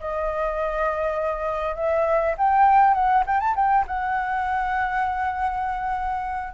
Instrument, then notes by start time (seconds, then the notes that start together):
flute
0.00 D#5
1.76 E5
2.38 G5
2.94 F#5
3.26 G5
3.40 A5
3.56 G5
3.87 F#5